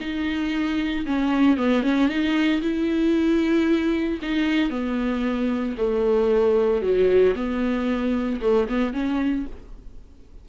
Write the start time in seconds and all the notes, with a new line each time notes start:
0.00 D#4
1.06 C#4
1.57 B3
1.83 C#4
2.08 D#4
2.61 E4
4.22 D#4
4.70 B3
5.77 A3
6.82 F#3
7.35 B3
8.41 A3
8.69 B3
8.93 C#4